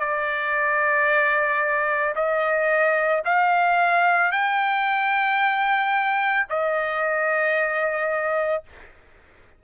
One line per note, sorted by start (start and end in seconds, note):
0.00 2.14 D5
2.15 3.22 D#5
3.25 4.32 F5
4.32 6.46 G5
6.49 8.63 D#5